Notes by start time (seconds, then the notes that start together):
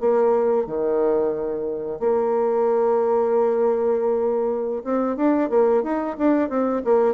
0.00 A#3
0.67 D#3
2.00 A#3
4.84 C4
5.17 D4
5.50 A#3
5.83 D#4
6.18 D4
6.49 C4
6.85 A#3